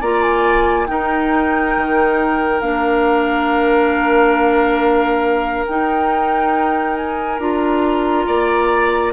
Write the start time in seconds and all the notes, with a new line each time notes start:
0.00 A#3 F4 D5 A#5
0.22 G#5
0.86 D#4 A#4 G5
1.77 D#3
2.60 A#3 D4 F5
5.66 D#4 G5
6.96 G#5
7.39 D4 F4 A#5
8.26 A#3 D5